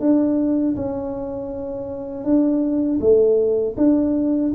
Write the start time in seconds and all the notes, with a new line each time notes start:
0.00 D4
0.75 C#4
2.24 D4
3.00 A3
3.77 D4